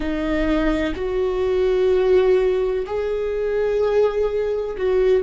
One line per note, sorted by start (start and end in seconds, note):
0.00 0.93 D#4
0.95 2.85 F#4
2.86 4.76 G#4
4.76 5.23 F#4